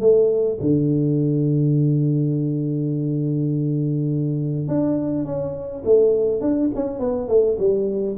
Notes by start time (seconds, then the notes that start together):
0.00 A3
0.61 D3
4.68 D4
5.25 C#4
5.85 A3
6.41 D4
6.75 C#4
6.99 B3
7.28 A3
7.58 G3